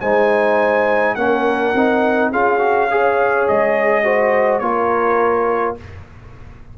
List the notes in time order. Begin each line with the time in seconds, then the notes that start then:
0.00 G#3 D#4 C5 G#5
1.15 A#3 C#4 A#4 F#5
1.74 C4 D#4
2.31 C#4 F4 G#4 F5
2.58 F#4
2.90 G#4 C#5
3.48 G#3 D#5
4.04 F#4 C5
4.59 A#3 F4 A#4 C#5